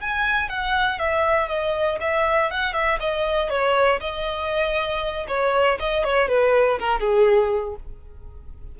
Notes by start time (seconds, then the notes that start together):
0.00 G#5
0.49 F#5
0.99 E5
1.48 D#5
2.00 E5
2.50 F#5
2.73 E5
3.00 D#5
3.49 C#5
4.00 D#5
5.28 C#5
5.79 D#5
6.04 C#5
6.28 B4
6.79 A#4
7.00 G#4